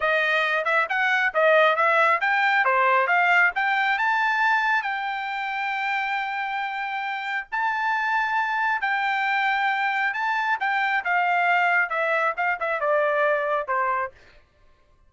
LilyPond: \new Staff \with { instrumentName = "trumpet" } { \time 4/4 \tempo 4 = 136 dis''4. e''8 fis''4 dis''4 | e''4 g''4 c''4 f''4 | g''4 a''2 g''4~ | g''1~ |
g''4 a''2. | g''2. a''4 | g''4 f''2 e''4 | f''8 e''8 d''2 c''4 | }